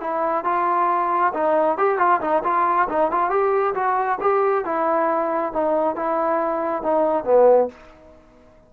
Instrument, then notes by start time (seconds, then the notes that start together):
trombone
0.00 E4
0.44 F4
1.33 D#4
1.77 G4
1.98 F4
2.20 D#4
2.43 F4
2.89 D#4
3.11 F4
3.29 G4
3.74 F#4
4.21 G4
4.64 E4
5.52 D#4
5.95 E4
6.82 D#4
7.24 B3